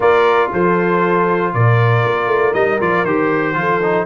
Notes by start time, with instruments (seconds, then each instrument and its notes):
0.00 tuba A#3, trombone F4, horn A#4, trumpet D5
0.52 tuba F3, horn A4, trumpet C5
1.53 tuba A#2, horn A#4, trumpet D5
2.04 tuba A#3
2.27 tuba A3
2.53 tuba G3, trombone D#4, trumpet D#5
2.80 tuba F3, trombone F4, trumpet D5
3.04 tuba D#3, trombone G4, trumpet C5
3.54 tuba F3, trombone F4, horn A4
3.82 trombone D#4